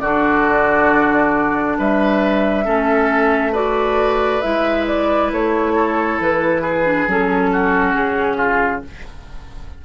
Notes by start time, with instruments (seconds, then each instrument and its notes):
0.00 bassoon D3, clarinet D4, oboe F#4, flute D5
1.78 bassoon G3, oboe B4, flute E5
2.65 bassoon A3, clarinet C#4, oboe A4
3.52 clarinet F#4, oboe B4, flute D5
4.42 bassoon G#3, clarinet E4, flute E5
4.87 flute D5
5.32 bassoon A3, flute C#5
5.75 oboe A4
6.20 bassoon E3, flute B4
6.62 oboe G#4
6.85 clarinet D4
7.07 bassoon F#3, clarinet C#4, flute A4
7.53 oboe F#4
7.94 bassoon C#3, flute G#4
8.37 oboe F4